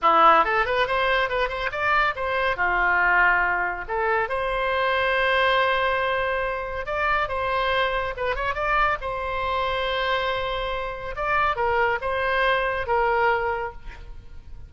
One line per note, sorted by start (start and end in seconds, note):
0.01 0.44 E4
0.44 0.65 A4
0.65 0.87 B4
0.87 1.29 C5
1.29 1.48 B4
1.48 1.70 C5
1.71 2.14 D5
2.15 2.56 C5
2.56 3.85 F4
3.88 4.28 A4
4.28 6.86 C5
6.86 7.28 D5
7.28 8.14 C5
8.16 8.35 B4
8.35 8.54 C#5
8.54 8.97 D5
9.01 11.15 C5
11.15 11.56 D5
11.56 11.98 A#4
12.01 12.86 C5
12.86 13.72 A#4